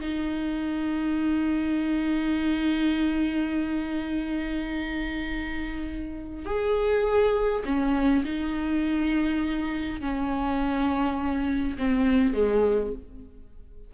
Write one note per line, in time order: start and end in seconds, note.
0.00 6.45 D#4
6.45 7.63 G#4
7.65 8.24 C#4
8.25 10.01 D#4
10.01 11.77 C#4
11.78 12.33 C4
12.33 12.92 G#3